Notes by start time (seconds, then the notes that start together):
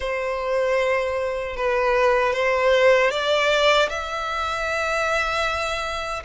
0.00 C5
1.56 B4
2.33 C5
3.11 D5
3.89 E5